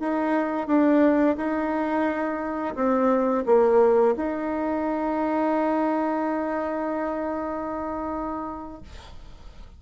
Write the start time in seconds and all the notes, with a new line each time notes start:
0.00 D#4
0.68 D4
1.37 D#4
2.76 C4
3.46 A#3
4.17 D#4